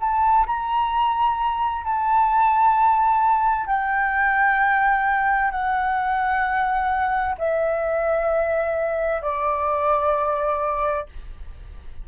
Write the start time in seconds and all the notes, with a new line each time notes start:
0.00 A5
0.47 A#5
1.84 A5
3.67 G5
5.51 F#5
7.38 E5
9.22 D5